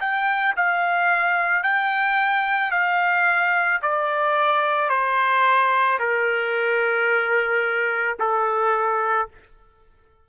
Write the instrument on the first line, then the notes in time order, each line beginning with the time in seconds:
trumpet
0.00 G5
0.57 F5
1.63 G5
2.71 F5
3.82 D5
4.89 C5
6.00 A#4
8.19 A4